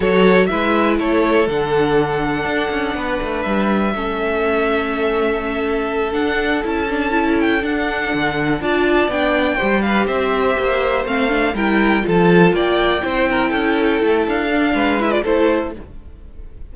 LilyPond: <<
  \new Staff \with { instrumentName = "violin" } { \time 4/4 \tempo 4 = 122 cis''4 e''4 cis''4 fis''4~ | fis''2. e''4~ | e''1~ | e''8 fis''4 a''4. g''8 fis''8~ |
fis''4. a''4 g''4. | f''8 e''2 f''4 g''8~ | g''8 a''4 g''2~ g''8~ | g''4 f''4. e''16 d''16 c''4 | }
  \new Staff \with { instrumentName = "violin" } { \time 4/4 a'4 b'4 a'2~ | a'2 b'2 | a'1~ | a'1~ |
a'4. d''2 c''8 | b'8 c''2. ais'8~ | ais'8 a'4 d''4 c''8 ais'8 a'8~ | a'2 b'4 a'4 | }
  \new Staff \with { instrumentName = "viola" } { \time 4/4 fis'4 e'2 d'4~ | d'1 | cis'1~ | cis'8 d'4 e'8 d'8 e'4 d'8~ |
d'4. f'4 d'4 g'8~ | g'2~ g'8 c'8 d'8 e'8~ | e'8 f'2 e'4.~ | e'4. d'4 e'16 f'16 e'4 | }
  \new Staff \with { instrumentName = "cello" } { \time 4/4 fis4 gis4 a4 d4~ | d4 d'8 cis'8 b8 a8 g4 | a1~ | a8 d'4 cis'2 d'8~ |
d'8 d4 d'4 b4 g8~ | g8 c'4 ais4 a4 g8~ | g8 f4 ais4 c'4 cis'8~ | cis'8 a8 d'4 gis4 a4 | }
>>